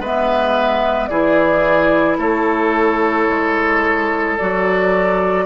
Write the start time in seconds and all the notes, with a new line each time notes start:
0.00 G#3 B3 B4 E5
1.07 E3 E4 G#4 D5
2.18 A3 A4 C#5
3.29 G#3
4.38 F#3 F#4 D5